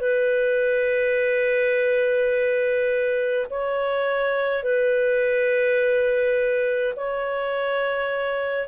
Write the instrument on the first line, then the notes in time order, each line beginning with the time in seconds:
clarinet
0.00 B4
3.50 C#5
4.63 B4
6.96 C#5